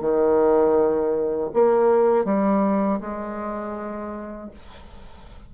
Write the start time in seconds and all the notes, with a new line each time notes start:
0.00 D#3
1.53 A#3
2.25 G3
3.00 G#3